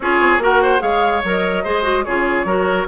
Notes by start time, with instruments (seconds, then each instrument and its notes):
0.00 bassoon C#4, clarinet F4, oboe G#4, flute C#5
0.20 bassoon C4
0.38 bassoon A#3, clarinet F#4, oboe A#4, flute F#5
0.62 oboe C5
0.79 bassoon G#3, clarinet G#4, oboe C#5, flute F5
1.24 bassoon F#3, clarinet A#4, flute D#5
1.63 bassoon G#3, clarinet G#4, oboe C5
1.82 clarinet F#4
2.04 bassoon C#3, clarinet F4, oboe G#4, flute C#5
2.44 bassoon F#3, clarinet F#4, oboe A#4